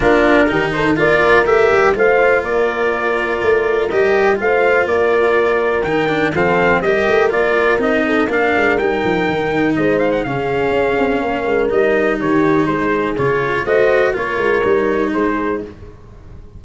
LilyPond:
<<
  \new Staff \with { instrumentName = "trumpet" } { \time 4/4 \tempo 4 = 123 ais'4. c''8 d''4 e''4 | f''4 d''2. | dis''4 f''4 d''2 | g''4 f''4 dis''4 d''4 |
dis''4 f''4 g''2 | dis''8 f''16 fis''16 f''2. | dis''4 cis''4 c''4 cis''4 | dis''4 cis''2 c''4 | }
  \new Staff \with { instrumentName = "horn" } { \time 4/4 f'4 g'8 a'8 ais'2 | c''4 ais'2.~ | ais'4 c''4 ais'2~ | ais'4 a'4 ais'2~ |
ais'8 a'8 ais'2. | c''4 gis'2 ais'4~ | ais'4 g'4 gis'2 | c''4 ais'2 gis'4 | }
  \new Staff \with { instrumentName = "cello" } { \time 4/4 d'4 dis'4 f'4 g'4 | f'1 | g'4 f'2. | dis'8 d'8 c'4 g'4 f'4 |
dis'4 d'4 dis'2~ | dis'4 cis'2. | dis'2. f'4 | fis'4 f'4 dis'2 | }
  \new Staff \with { instrumentName = "tuba" } { \time 4/4 ais4 dis4 ais4 a8 g8 | a4 ais2 a4 | g4 a4 ais2 | dis4 f4 g8 a8 ais4 |
c'4 ais8 gis8 g8 f8 dis4 | gis4 cis4 cis'8 c'8 ais8 gis8 | g4 dis4 gis4 cis4 | a4 ais8 gis8 g4 gis4 | }
>>